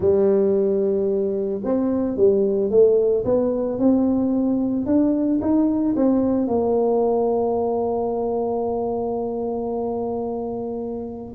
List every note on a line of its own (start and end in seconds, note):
0.00 1.61 G3
1.64 2.16 C4
2.16 2.70 G3
2.70 3.24 A3
3.25 3.78 B3
3.78 4.86 C4
4.86 5.40 D4
5.41 5.95 D#4
5.96 6.47 C4
6.47 11.33 A#3